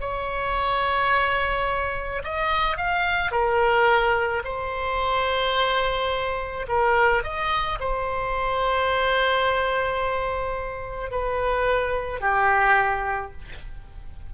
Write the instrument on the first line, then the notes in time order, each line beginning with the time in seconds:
oboe
0.00 C#5
2.24 D#5
2.77 F5
3.31 A#4
4.44 C5
6.68 A#4
7.23 D#5
7.80 C5
11.11 B4
12.21 G4